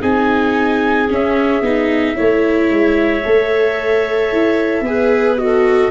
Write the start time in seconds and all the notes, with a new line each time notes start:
0.00 C4 D#4 G#4 G#5
1.09 C#4 E5
1.61 B3 D#4
2.15 A3 E4 C#5
2.70 G#3
3.24 A3 A4
4.32 E4
4.81 B3 G#4
4.87 B4
5.38 F#4 A4 D#5